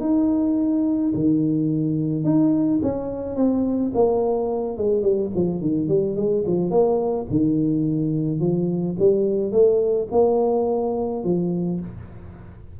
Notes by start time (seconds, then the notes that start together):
0.00 D#4
1.14 D#3
2.24 D#4
2.82 C#4
3.35 C4
3.94 A#3
4.77 G#3
5.02 G3
5.35 F3
5.61 D#3
5.88 G3
6.16 G#3
6.46 F3
6.70 A#3
7.30 D#3
8.40 F3
8.99 G3
9.52 A3
10.11 A#3
11.24 F3